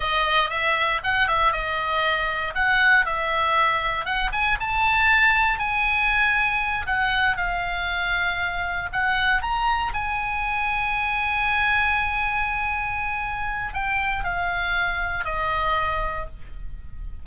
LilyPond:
\new Staff \with { instrumentName = "oboe" } { \time 4/4 \tempo 4 = 118 dis''4 e''4 fis''8 e''8 dis''4~ | dis''4 fis''4 e''2 | fis''8 gis''8 a''2 gis''4~ | gis''4. fis''4 f''4.~ |
f''4. fis''4 ais''4 gis''8~ | gis''1~ | gis''2. g''4 | f''2 dis''2 | }